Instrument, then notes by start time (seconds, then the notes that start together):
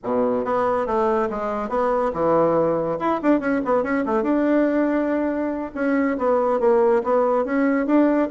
bassoon
0.03 B2
0.44 B3
0.86 A3
1.29 G#3
1.69 B3
2.13 E3
2.99 E4
3.22 D4
3.40 C#4
3.64 B3
3.83 C#4
4.05 A3
4.22 D4
5.74 C#4
6.17 B3
6.60 A#3
7.03 B3
7.45 C#4
7.86 D4